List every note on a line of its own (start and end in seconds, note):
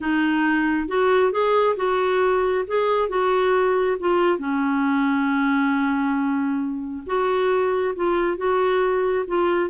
0.00 0.88 D#4
0.88 1.32 F#4
1.32 1.76 G#4
1.76 2.65 F#4
2.67 3.09 G#4
3.09 3.97 F#4
3.99 4.38 F4
4.38 7.03 C#4
7.06 7.94 F#4
7.95 8.37 F4
8.37 9.25 F#4
9.27 9.69 F4